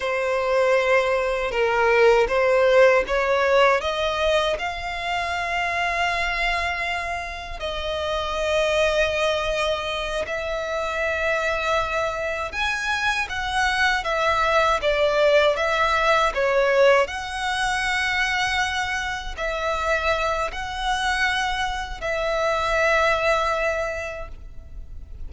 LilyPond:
\new Staff \with { instrumentName = "violin" } { \time 4/4 \tempo 4 = 79 c''2 ais'4 c''4 | cis''4 dis''4 f''2~ | f''2 dis''2~ | dis''4. e''2~ e''8~ |
e''8 gis''4 fis''4 e''4 d''8~ | d''8 e''4 cis''4 fis''4.~ | fis''4. e''4. fis''4~ | fis''4 e''2. | }